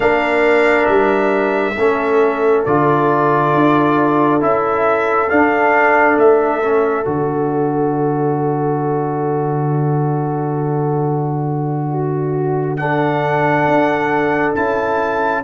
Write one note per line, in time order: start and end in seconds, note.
0.00 0.87 A#3
0.00 1.74 D4
0.00 1.77 A#4
0.00 0.85 F5
0.85 1.75 G3
0.85 2.62 E5
1.76 2.65 A3
1.76 2.67 C#4
1.76 11.90 A4
2.65 3.54 D3
2.65 4.40 F4
2.65 4.41 D5
3.54 4.42 D4
4.40 5.30 C#4
4.40 5.28 E4
4.40 5.29 E5
5.29 6.61 D4
5.29 6.16 D4
5.29 6.17 F5
6.16 7.04 A3
6.16 7.07 E5
6.62 7.04 C#4
7.04 13.67 D3
7.04 12.78 F#4
7.04 12.76 D5
11.90 12.78 F#4
12.76 14.55 D4
12.76 15.43 A4
12.76 14.53 F#5
13.67 14.55 D4
14.54 15.43 C#4
14.54 15.43 E4
14.54 15.43 A5